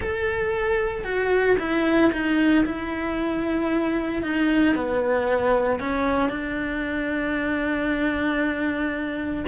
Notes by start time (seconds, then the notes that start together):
0.00 A4
1.04 F#4
1.58 E4
2.12 D#4
2.65 E4
4.22 D#4
4.75 B3
5.79 C#4
6.29 D4